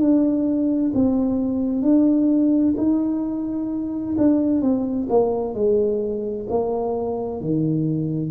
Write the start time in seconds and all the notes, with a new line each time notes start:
0.00 D4
0.95 C4
1.83 D4
2.78 D#4
4.18 D4
4.62 C4
5.10 A#3
5.55 G#3
6.50 A#3
7.41 D#3